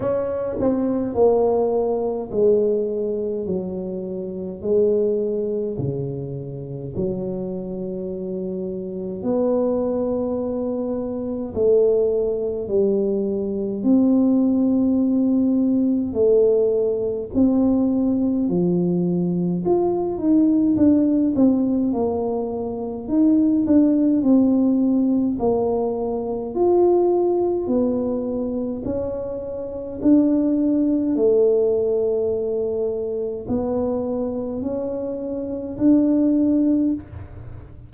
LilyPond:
\new Staff \with { instrumentName = "tuba" } { \time 4/4 \tempo 4 = 52 cis'8 c'8 ais4 gis4 fis4 | gis4 cis4 fis2 | b2 a4 g4 | c'2 a4 c'4 |
f4 f'8 dis'8 d'8 c'8 ais4 | dis'8 d'8 c'4 ais4 f'4 | b4 cis'4 d'4 a4~ | a4 b4 cis'4 d'4 | }